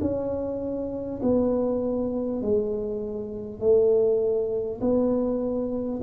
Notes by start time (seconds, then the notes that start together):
0.00 C#4
1.22 B3
2.42 G#3
3.59 A3
4.81 B3